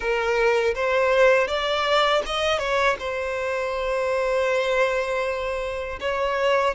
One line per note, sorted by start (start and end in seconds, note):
0.00 0.74 A#4
0.75 1.47 C5
1.47 2.22 D5
2.25 2.59 D#5
2.59 2.96 C#5
2.99 5.99 C5
6.00 6.75 C#5